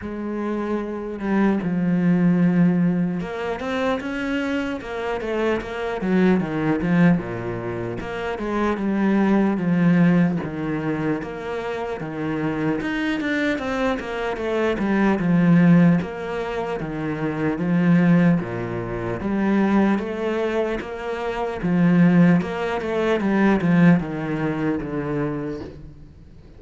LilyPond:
\new Staff \with { instrumentName = "cello" } { \time 4/4 \tempo 4 = 75 gis4. g8 f2 | ais8 c'8 cis'4 ais8 a8 ais8 fis8 | dis8 f8 ais,4 ais8 gis8 g4 | f4 dis4 ais4 dis4 |
dis'8 d'8 c'8 ais8 a8 g8 f4 | ais4 dis4 f4 ais,4 | g4 a4 ais4 f4 | ais8 a8 g8 f8 dis4 d4 | }